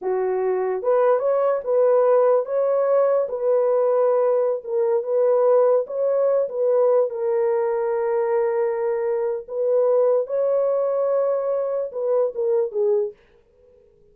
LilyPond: \new Staff \with { instrumentName = "horn" } { \time 4/4 \tempo 4 = 146 fis'2 b'4 cis''4 | b'2 cis''2 | b'2.~ b'16 ais'8.~ | ais'16 b'2 cis''4. b'16~ |
b'4~ b'16 ais'2~ ais'8.~ | ais'2. b'4~ | b'4 cis''2.~ | cis''4 b'4 ais'4 gis'4 | }